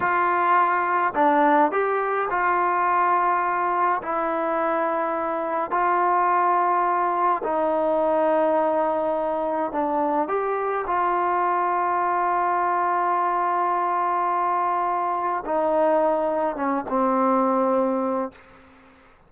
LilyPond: \new Staff \with { instrumentName = "trombone" } { \time 4/4 \tempo 4 = 105 f'2 d'4 g'4 | f'2. e'4~ | e'2 f'2~ | f'4 dis'2.~ |
dis'4 d'4 g'4 f'4~ | f'1~ | f'2. dis'4~ | dis'4 cis'8 c'2~ c'8 | }